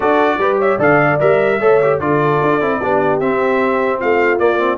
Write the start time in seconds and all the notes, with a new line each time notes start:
0.00 D4 F#4 A4 D5
0.37 G3 G4 B4
0.58 C#5 E5
0.78 D3 A4 D5 F5
1.19 G3 A#4 E5
1.60 A3 A4 C#5
1.82 G4
1.99 D3 F4 A4 D5
2.41 D4
2.60 C4 E4
2.78 B3 D4 G4
3.19 C4 E5
3.98 A3 F4 F5
4.38 A#3 D5
4.58 C4